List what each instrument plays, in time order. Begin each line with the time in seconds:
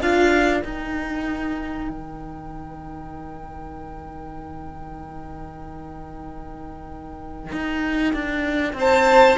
0.00 cello D4, viola F4, violin A#4 F5
0.61 viola D#4, cello D#4, violin G5
1.89 cello D#3
7.52 cello D#4
8.13 cello D4
8.73 cello C4, violin C5
8.80 violin A5